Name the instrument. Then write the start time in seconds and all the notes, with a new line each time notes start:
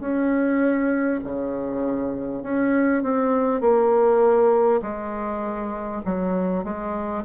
bassoon
0.00 C#4
1.24 C#3
2.43 C#4
3.02 C4
3.61 A#3
4.82 G#3
6.05 F#3
6.64 G#3